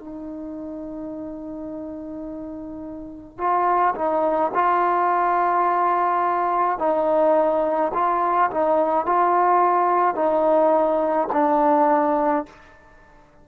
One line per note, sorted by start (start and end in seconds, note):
0.00 3.38 D#4
3.38 3.95 F4
3.95 4.52 D#4
4.54 6.79 F4
6.79 7.92 D#4
7.94 8.51 F4
8.51 9.06 D#4
9.06 10.15 F4
10.15 11.28 D#4
11.33 12.46 D4